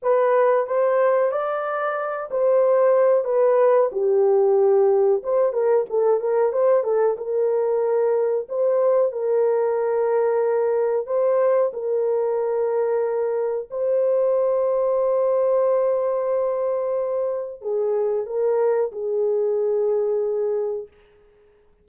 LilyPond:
\new Staff \with { instrumentName = "horn" } { \time 4/4 \tempo 4 = 92 b'4 c''4 d''4. c''8~ | c''4 b'4 g'2 | c''8 ais'8 a'8 ais'8 c''8 a'8 ais'4~ | ais'4 c''4 ais'2~ |
ais'4 c''4 ais'2~ | ais'4 c''2.~ | c''2. gis'4 | ais'4 gis'2. | }